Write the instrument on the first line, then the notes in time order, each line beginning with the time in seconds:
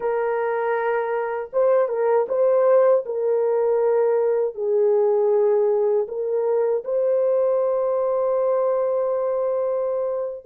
horn
0.00 A#4
1.52 C5
1.88 A#4
2.28 C5
3.05 A#4
4.54 G#4
6.08 A#4
6.84 C5